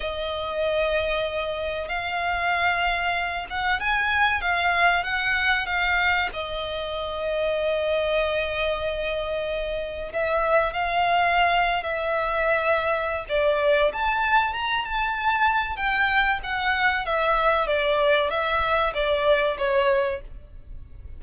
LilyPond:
\new Staff \with { instrumentName = "violin" } { \time 4/4 \tempo 4 = 95 dis''2. f''4~ | f''4. fis''8 gis''4 f''4 | fis''4 f''4 dis''2~ | dis''1 |
e''4 f''4.~ f''16 e''4~ e''16~ | e''4 d''4 a''4 ais''8 a''8~ | a''4 g''4 fis''4 e''4 | d''4 e''4 d''4 cis''4 | }